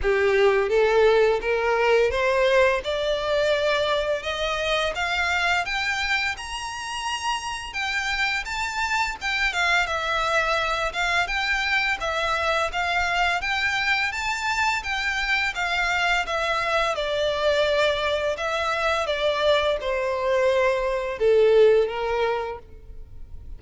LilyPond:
\new Staff \with { instrumentName = "violin" } { \time 4/4 \tempo 4 = 85 g'4 a'4 ais'4 c''4 | d''2 dis''4 f''4 | g''4 ais''2 g''4 | a''4 g''8 f''8 e''4. f''8 |
g''4 e''4 f''4 g''4 | a''4 g''4 f''4 e''4 | d''2 e''4 d''4 | c''2 a'4 ais'4 | }